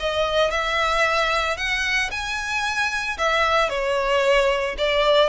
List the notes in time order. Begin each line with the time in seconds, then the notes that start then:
0.00 D#5
0.51 E5
1.57 F#5
2.11 G#5
3.18 E5
3.70 C#5
4.78 D5